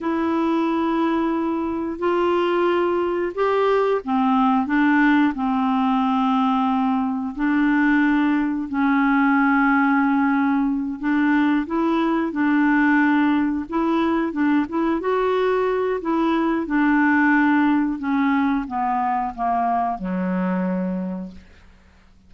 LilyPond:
\new Staff \with { instrumentName = "clarinet" } { \time 4/4 \tempo 4 = 90 e'2. f'4~ | f'4 g'4 c'4 d'4 | c'2. d'4~ | d'4 cis'2.~ |
cis'8 d'4 e'4 d'4.~ | d'8 e'4 d'8 e'8 fis'4. | e'4 d'2 cis'4 | b4 ais4 fis2 | }